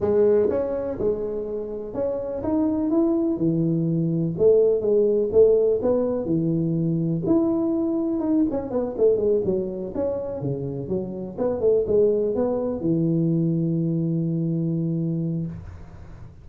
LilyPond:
\new Staff \with { instrumentName = "tuba" } { \time 4/4 \tempo 4 = 124 gis4 cis'4 gis2 | cis'4 dis'4 e'4 e4~ | e4 a4 gis4 a4 | b4 e2 e'4~ |
e'4 dis'8 cis'8 b8 a8 gis8 fis8~ | fis8 cis'4 cis4 fis4 b8 | a8 gis4 b4 e4.~ | e1 | }